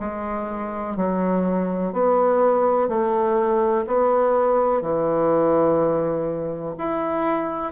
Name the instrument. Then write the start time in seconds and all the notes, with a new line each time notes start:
bassoon
0.00 G#3
0.97 F#3
1.94 B3
2.89 A3
3.87 B3
4.82 E3
6.78 E4